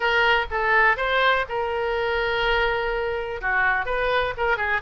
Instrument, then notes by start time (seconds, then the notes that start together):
oboe
0.00 A#4
0.50 A4
0.96 C5
1.48 A#4
3.41 F#4
3.85 B4
4.37 A#4
4.57 G#4